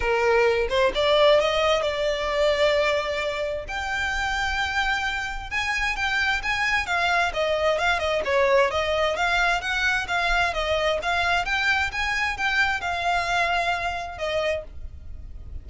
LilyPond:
\new Staff \with { instrumentName = "violin" } { \time 4/4 \tempo 4 = 131 ais'4. c''8 d''4 dis''4 | d''1 | g''1 | gis''4 g''4 gis''4 f''4 |
dis''4 f''8 dis''8 cis''4 dis''4 | f''4 fis''4 f''4 dis''4 | f''4 g''4 gis''4 g''4 | f''2. dis''4 | }